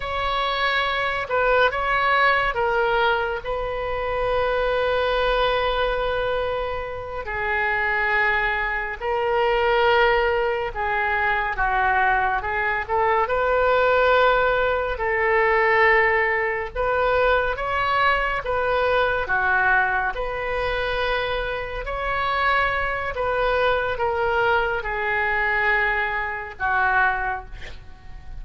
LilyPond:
\new Staff \with { instrumentName = "oboe" } { \time 4/4 \tempo 4 = 70 cis''4. b'8 cis''4 ais'4 | b'1~ | b'8 gis'2 ais'4.~ | ais'8 gis'4 fis'4 gis'8 a'8 b'8~ |
b'4. a'2 b'8~ | b'8 cis''4 b'4 fis'4 b'8~ | b'4. cis''4. b'4 | ais'4 gis'2 fis'4 | }